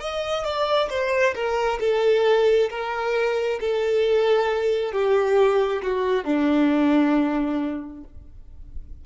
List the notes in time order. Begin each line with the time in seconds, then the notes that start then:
0.00 D#5
0.44 D5
0.90 C5
1.34 A#4
1.80 A4
2.70 A#4
3.60 A4
4.93 G4
5.82 F#4
6.24 D4